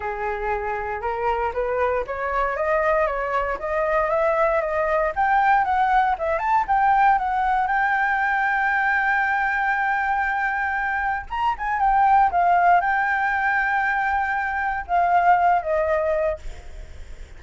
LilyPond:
\new Staff \with { instrumentName = "flute" } { \time 4/4 \tempo 4 = 117 gis'2 ais'4 b'4 | cis''4 dis''4 cis''4 dis''4 | e''4 dis''4 g''4 fis''4 | e''8 a''8 g''4 fis''4 g''4~ |
g''1~ | g''2 ais''8 gis''8 g''4 | f''4 g''2.~ | g''4 f''4. dis''4. | }